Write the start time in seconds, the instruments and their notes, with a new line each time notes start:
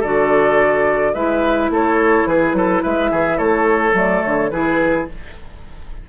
0.00 bassoon D3, clarinet F#4, oboe A4, flute D5
1.14 bassoon G#3, clarinet E4, oboe B4, flute E5
1.70 bassoon A3, oboe A4, flute C#5
2.26 bassoon E3, oboe G#4, flute B4
2.53 bassoon F#3, oboe A4
2.83 bassoon G#3, oboe B4, flute E5
3.11 bassoon E3, oboe G#4
3.38 bassoon A3, oboe A4, flute C#5
3.94 bassoon F#3, clarinet A3, flute D5
4.23 bassoon D3, flute C#5
4.51 bassoon E3, clarinet E4, oboe G#4, flute B4